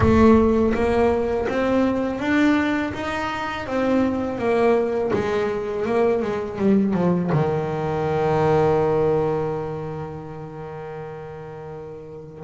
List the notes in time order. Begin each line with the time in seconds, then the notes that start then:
0.00 A3
0.74 A#3
1.48 C4
2.20 D4
2.93 D#4
3.66 C4
4.38 A#3
5.13 G#3
5.85 A#3
6.22 G#3
6.58 G3
6.93 F3
7.32 D#3